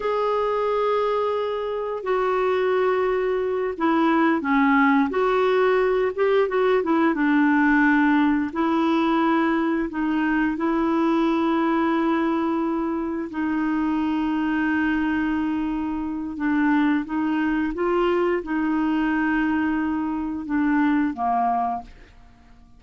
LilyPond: \new Staff \with { instrumentName = "clarinet" } { \time 4/4 \tempo 4 = 88 gis'2. fis'4~ | fis'4. e'4 cis'4 fis'8~ | fis'4 g'8 fis'8 e'8 d'4.~ | d'8 e'2 dis'4 e'8~ |
e'2.~ e'8 dis'8~ | dis'1 | d'4 dis'4 f'4 dis'4~ | dis'2 d'4 ais4 | }